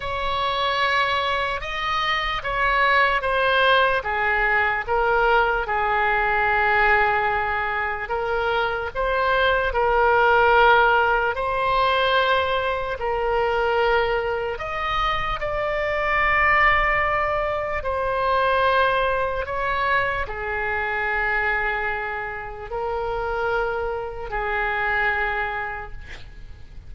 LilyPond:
\new Staff \with { instrumentName = "oboe" } { \time 4/4 \tempo 4 = 74 cis''2 dis''4 cis''4 | c''4 gis'4 ais'4 gis'4~ | gis'2 ais'4 c''4 | ais'2 c''2 |
ais'2 dis''4 d''4~ | d''2 c''2 | cis''4 gis'2. | ais'2 gis'2 | }